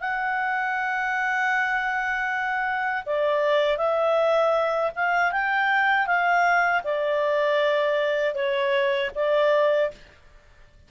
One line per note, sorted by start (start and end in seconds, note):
0.00 3.04 F#5
3.06 3.77 D5
3.77 4.91 E5
4.95 5.32 F5
5.32 6.06 G5
6.06 6.82 F5
6.84 8.34 D5
8.34 9.10 C#5
9.15 9.91 D5